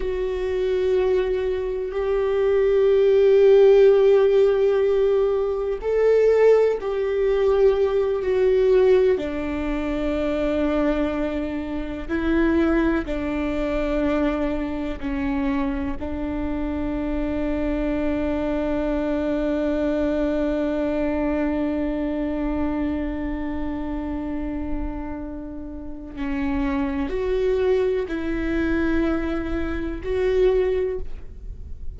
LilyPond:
\new Staff \with { instrumentName = "viola" } { \time 4/4 \tempo 4 = 62 fis'2 g'2~ | g'2 a'4 g'4~ | g'8 fis'4 d'2~ d'8~ | d'8 e'4 d'2 cis'8~ |
cis'8 d'2.~ d'8~ | d'1~ | d'2. cis'4 | fis'4 e'2 fis'4 | }